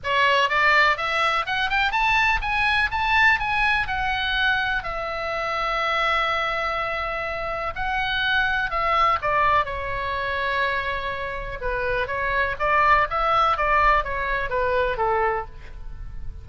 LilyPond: \new Staff \with { instrumentName = "oboe" } { \time 4/4 \tempo 4 = 124 cis''4 d''4 e''4 fis''8 g''8 | a''4 gis''4 a''4 gis''4 | fis''2 e''2~ | e''1 |
fis''2 e''4 d''4 | cis''1 | b'4 cis''4 d''4 e''4 | d''4 cis''4 b'4 a'4 | }